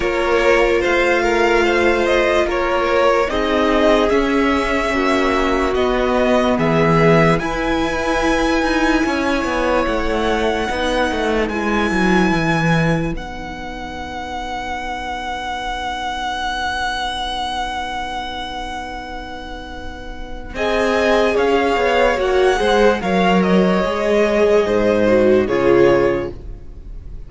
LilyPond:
<<
  \new Staff \with { instrumentName = "violin" } { \time 4/4 \tempo 4 = 73 cis''4 f''4. dis''8 cis''4 | dis''4 e''2 dis''4 | e''4 gis''2. | fis''2 gis''2 |
fis''1~ | fis''1~ | fis''4 gis''4 f''4 fis''4 | f''8 dis''2~ dis''8 cis''4 | }
  \new Staff \with { instrumentName = "violin" } { \time 4/4 ais'4 c''8 ais'8 c''4 ais'4 | gis'2 fis'2 | gis'4 b'2 cis''4~ | cis''4 b'2.~ |
b'1~ | b'1~ | b'4 dis''4 cis''4. c''8 | cis''2 c''4 gis'4 | }
  \new Staff \with { instrumentName = "viola" } { \time 4/4 f'1 | dis'4 cis'2 b4~ | b4 e'2.~ | e'4 dis'4 e'2 |
dis'1~ | dis'1~ | dis'4 gis'2 fis'8 gis'8 | ais'4 gis'4. fis'8 f'4 | }
  \new Staff \with { instrumentName = "cello" } { \time 4/4 ais4 a2 ais4 | c'4 cis'4 ais4 b4 | e4 e'4. dis'8 cis'8 b8 | a4 b8 a8 gis8 fis8 e4 |
b1~ | b1~ | b4 c'4 cis'8 b8 ais8 gis8 | fis4 gis4 gis,4 cis4 | }
>>